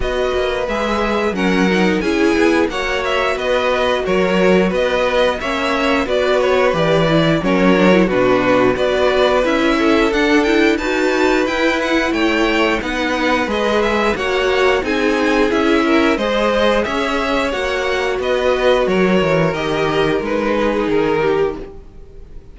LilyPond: <<
  \new Staff \with { instrumentName = "violin" } { \time 4/4 \tempo 4 = 89 dis''4 e''4 fis''4 gis''4 | fis''8 e''8 dis''4 cis''4 dis''4 | e''4 d''8 cis''8 d''4 cis''4 | b'4 d''4 e''4 fis''8 g''8 |
a''4 g''8 fis''8 g''4 fis''4 | dis''8 e''8 fis''4 gis''4 e''4 | dis''4 e''4 fis''4 dis''4 | cis''4 dis''4 b'4 ais'4 | }
  \new Staff \with { instrumentName = "violin" } { \time 4/4 b'2 ais'4 gis'4 | cis''4 b'4 ais'4 b'4 | cis''4 b'2 ais'4 | fis'4 b'4. a'4. |
b'2 cis''4 b'4~ | b'4 cis''4 gis'4. ais'8 | c''4 cis''2 b'4 | ais'2~ ais'8 gis'4 g'8 | }
  \new Staff \with { instrumentName = "viola" } { \time 4/4 fis'4 gis'4 cis'8 dis'8 e'4 | fis'1 | cis'4 fis'4 g'8 e'8 cis'8 d'16 e'16 | d'4 fis'4 e'4 d'8 e'8 |
fis'4 e'2 dis'4 | gis'4 fis'4 dis'4 e'4 | gis'2 fis'2~ | fis'4 g'4 dis'2 | }
  \new Staff \with { instrumentName = "cello" } { \time 4/4 b8 ais8 gis4 fis4 cis'8 b8 | ais4 b4 fis4 b4 | ais4 b4 e4 fis4 | b,4 b4 cis'4 d'4 |
dis'4 e'4 a4 b4 | gis4 ais4 c'4 cis'4 | gis4 cis'4 ais4 b4 | fis8 e8 dis4 gis4 dis4 | }
>>